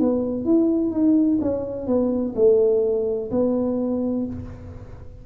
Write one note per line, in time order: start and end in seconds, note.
0.00 0.45 B3
0.45 0.91 E4
0.91 1.39 D#4
1.42 1.87 C#4
1.87 2.35 B3
2.36 3.31 A3
3.31 4.26 B3